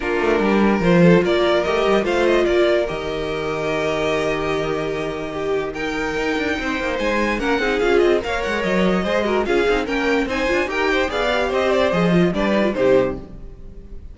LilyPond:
<<
  \new Staff \with { instrumentName = "violin" } { \time 4/4 \tempo 4 = 146 ais'2 c''4 d''4 | dis''4 f''8 dis''8 d''4 dis''4~ | dis''1~ | dis''2 g''2~ |
g''4 gis''4 fis''4 f''8 dis''8 | f''8 fis''8 dis''2 f''4 | g''4 gis''4 g''4 f''4 | dis''8 d''8 dis''4 d''4 c''4 | }
  \new Staff \with { instrumentName = "violin" } { \time 4/4 f'4 g'8 ais'4 a'8 ais'4~ | ais'4 c''4 ais'2~ | ais'1~ | ais'4 g'4 ais'2 |
c''2 ais'8 gis'4. | cis''2 c''8 ais'8 gis'4 | ais'4 c''4 ais'8 c''8 d''4 | c''2 b'4 g'4 | }
  \new Staff \with { instrumentName = "viola" } { \time 4/4 d'2 f'2 | g'4 f'2 g'4~ | g'1~ | g'2 dis'2~ |
dis'2 cis'8 dis'8 f'4 | ais'2 gis'8 fis'8 f'8 dis'8 | cis'4 dis'8 f'8 g'4 gis'8 g'8~ | g'4 gis'8 f'8 d'8 dis'16 f'16 dis'4 | }
  \new Staff \with { instrumentName = "cello" } { \time 4/4 ais8 a8 g4 f4 ais4 | a8 g8 a4 ais4 dis4~ | dis1~ | dis2. dis'8 d'8 |
c'8 ais8 gis4 ais8 c'8 cis'8 c'8 | ais8 gis8 fis4 gis4 cis'8 c'8 | ais4 c'8 d'8 dis'4 b4 | c'4 f4 g4 c4 | }
>>